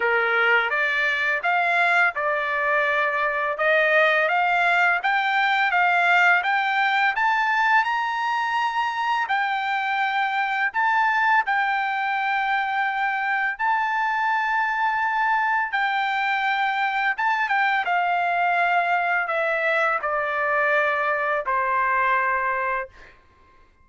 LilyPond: \new Staff \with { instrumentName = "trumpet" } { \time 4/4 \tempo 4 = 84 ais'4 d''4 f''4 d''4~ | d''4 dis''4 f''4 g''4 | f''4 g''4 a''4 ais''4~ | ais''4 g''2 a''4 |
g''2. a''4~ | a''2 g''2 | a''8 g''8 f''2 e''4 | d''2 c''2 | }